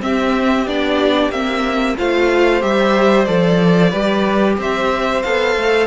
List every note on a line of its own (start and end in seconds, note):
0.00 0.65 C4
0.00 0.68 C4
0.00 1.98 G4
0.00 0.68 E5
0.67 1.30 B3
0.67 1.32 D4
0.67 1.31 D5
1.30 1.95 A#3
1.30 1.97 C4
1.30 1.96 E5
1.97 2.63 A3
1.97 2.61 F4
1.97 3.91 C5
1.97 2.62 F5
2.61 3.28 G3
2.61 3.26 G4
2.61 3.26 E5
3.26 3.93 F3
3.26 3.92 A4
3.26 4.56 D5
3.91 4.58 G3
3.91 5.23 G4
3.91 4.56 B4
4.58 5.23 C4
4.58 5.87 C5
4.58 5.23 E5
5.23 5.56 B3
5.23 5.87 A4
5.23 5.87 F5
5.56 5.87 A3